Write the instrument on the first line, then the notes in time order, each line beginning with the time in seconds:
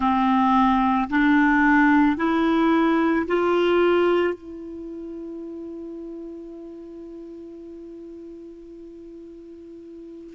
clarinet
0.00 C4
1.09 D4
2.16 E4
3.27 F4
4.33 E4